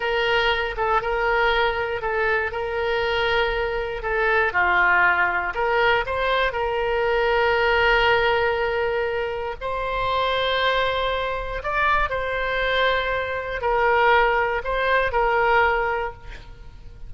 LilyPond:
\new Staff \with { instrumentName = "oboe" } { \time 4/4 \tempo 4 = 119 ais'4. a'8 ais'2 | a'4 ais'2. | a'4 f'2 ais'4 | c''4 ais'2.~ |
ais'2. c''4~ | c''2. d''4 | c''2. ais'4~ | ais'4 c''4 ais'2 | }